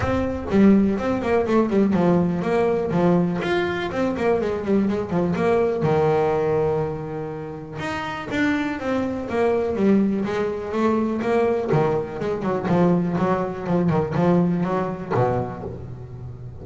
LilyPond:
\new Staff \with { instrumentName = "double bass" } { \time 4/4 \tempo 4 = 123 c'4 g4 c'8 ais8 a8 g8 | f4 ais4 f4 f'4 | c'8 ais8 gis8 g8 gis8 f8 ais4 | dis1 |
dis'4 d'4 c'4 ais4 | g4 gis4 a4 ais4 | dis4 gis8 fis8 f4 fis4 | f8 dis8 f4 fis4 b,4 | }